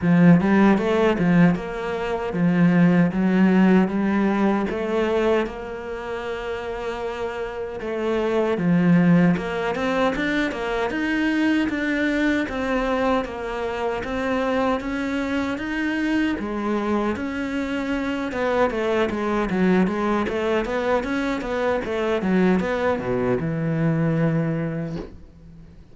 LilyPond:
\new Staff \with { instrumentName = "cello" } { \time 4/4 \tempo 4 = 77 f8 g8 a8 f8 ais4 f4 | fis4 g4 a4 ais4~ | ais2 a4 f4 | ais8 c'8 d'8 ais8 dis'4 d'4 |
c'4 ais4 c'4 cis'4 | dis'4 gis4 cis'4. b8 | a8 gis8 fis8 gis8 a8 b8 cis'8 b8 | a8 fis8 b8 b,8 e2 | }